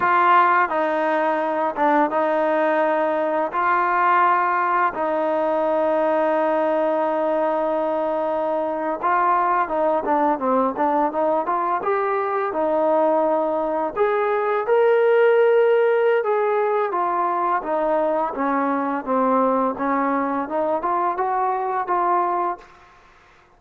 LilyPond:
\new Staff \with { instrumentName = "trombone" } { \time 4/4 \tempo 4 = 85 f'4 dis'4. d'8 dis'4~ | dis'4 f'2 dis'4~ | dis'1~ | dis'8. f'4 dis'8 d'8 c'8 d'8 dis'16~ |
dis'16 f'8 g'4 dis'2 gis'16~ | gis'8. ais'2~ ais'16 gis'4 | f'4 dis'4 cis'4 c'4 | cis'4 dis'8 f'8 fis'4 f'4 | }